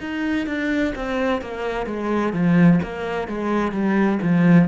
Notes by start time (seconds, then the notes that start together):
0.00 D#4
0.46 D4
0.95 C4
1.41 A#3
1.86 G#3
2.33 F3
2.82 A#3
3.28 G#3
3.72 G3
4.22 F3